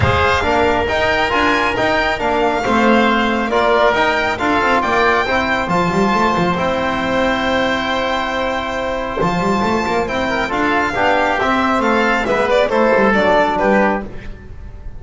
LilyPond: <<
  \new Staff \with { instrumentName = "violin" } { \time 4/4 \tempo 4 = 137 f''2 g''4 gis''4 | g''4 f''2. | d''4 g''4 f''4 g''4~ | g''4 a''2 g''4~ |
g''1~ | g''4 a''2 g''4 | f''2 e''4 f''4 | e''8 d''8 c''4 d''4 b'4 | }
  \new Staff \with { instrumentName = "oboe" } { \time 4/4 c''4 ais'2.~ | ais'2 c''2 | ais'2 a'4 d''4 | c''1~ |
c''1~ | c''2.~ c''8 ais'8 | a'4 g'2 a'4 | b'4 a'2 g'4 | }
  \new Staff \with { instrumentName = "trombone" } { \time 4/4 gis'4 d'4 dis'4 f'4 | dis'4 d'4 c'2 | f'4 dis'4 f'2 | e'4 f'2 e'4~ |
e'1~ | e'4 f'2 e'4 | f'4 d'4 c'2 | b4 e'4 d'2 | }
  \new Staff \with { instrumentName = "double bass" } { \time 4/4 gis4 ais4 dis'4 d'4 | dis'4 ais4 a2 | ais4 dis'4 d'8 c'8 ais4 | c'4 f8 g8 a8 f8 c'4~ |
c'1~ | c'4 f8 g8 a8 ais8 c'4 | d'4 b4 c'4 a4 | gis4 a8 g8 fis4 g4 | }
>>